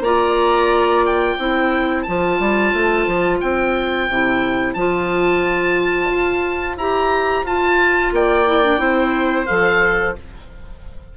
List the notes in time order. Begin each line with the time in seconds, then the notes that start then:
0.00 A#3 F4 D5 A#5
1.06 G5
1.35 C4 E4 C5
2.03 F3 F4 A5
2.39 G3
2.73 A3
3.07 F3
3.41 C4 G5
4.09 C3 E4
4.74 F3 F4 A5
6.11 F4
6.77 E4 G4 A#5
7.43 F4 A5
8.12 A#3 D5 G5
8.46 E4
8.63 D4
8.78 C4 E4 C5
9.46 F3 A4 F5